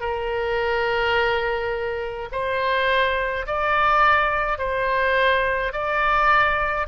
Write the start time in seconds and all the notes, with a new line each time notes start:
0.00 A#4
2.32 C5
3.46 D5
4.58 C5
5.72 D5